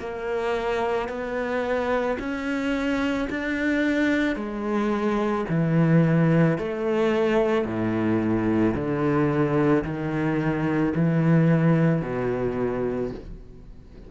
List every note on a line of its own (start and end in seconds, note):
0.00 1.09 A#3
1.09 2.18 B3
2.20 3.29 C#4
3.30 4.36 D4
4.36 5.45 G#3
5.49 6.59 E3
6.59 7.65 A3
7.65 8.74 A2
8.75 9.84 D3
9.85 10.94 D#3
10.95 12.02 E3
12.02 13.11 B2